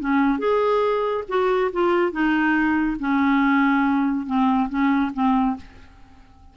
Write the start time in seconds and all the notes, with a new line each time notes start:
0.00 C#4
0.39 G#4
1.29 F#4
1.72 F4
2.12 D#4
2.99 C#4
4.26 C4
4.69 C#4
5.14 C4